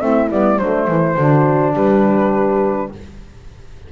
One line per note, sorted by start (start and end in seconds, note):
0.00 0.30 A3
0.00 0.29 C4
0.00 0.60 E4
0.00 0.29 E5
0.31 0.59 G3
0.31 0.59 B3
0.31 0.58 D5
0.58 0.87 F#3
0.58 1.18 A3
0.58 0.87 D4
0.58 1.73 C5
0.87 1.16 E3
0.87 1.16 E4
1.16 1.74 D3
1.16 2.92 D4
1.16 1.75 F#4
1.74 2.89 G3
1.74 2.90 G4
1.74 2.91 B4